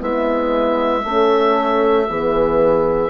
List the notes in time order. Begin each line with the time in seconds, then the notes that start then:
0.00 G#3 B3 E4 E5
1.04 A3 C#4 A4
2.09 E3 B3 G#4